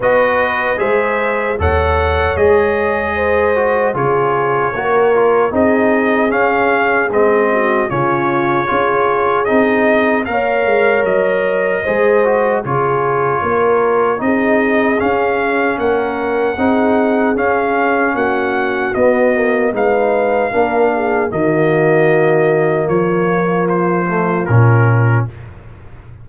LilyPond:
<<
  \new Staff \with { instrumentName = "trumpet" } { \time 4/4 \tempo 4 = 76 dis''4 e''4 fis''4 dis''4~ | dis''4 cis''2 dis''4 | f''4 dis''4 cis''2 | dis''4 f''4 dis''2 |
cis''2 dis''4 f''4 | fis''2 f''4 fis''4 | dis''4 f''2 dis''4~ | dis''4 cis''4 c''4 ais'4 | }
  \new Staff \with { instrumentName = "horn" } { \time 4/4 b'4 c''4 cis''2 | c''4 gis'4 ais'4 gis'4~ | gis'4. fis'8 f'4 gis'4~ | gis'4 cis''2 c''4 |
gis'4 ais'4 gis'2 | ais'4 gis'2 fis'4~ | fis'4 b'4 ais'8 gis'8 fis'4~ | fis'4 f'2. | }
  \new Staff \with { instrumentName = "trombone" } { \time 4/4 fis'4 gis'4 a'4 gis'4~ | gis'8 fis'8 f'4 fis'8 f'8 dis'4 | cis'4 c'4 cis'4 f'4 | dis'4 ais'2 gis'8 fis'8 |
f'2 dis'4 cis'4~ | cis'4 dis'4 cis'2 | b8 ais8 dis'4 d'4 ais4~ | ais2~ ais8 a8 cis'4 | }
  \new Staff \with { instrumentName = "tuba" } { \time 4/4 b4 gis4 dis,4 gis4~ | gis4 cis4 ais4 c'4 | cis'4 gis4 cis4 cis'4 | c'4 ais8 gis8 fis4 gis4 |
cis4 ais4 c'4 cis'4 | ais4 c'4 cis'4 ais4 | b4 gis4 ais4 dis4~ | dis4 f2 ais,4 | }
>>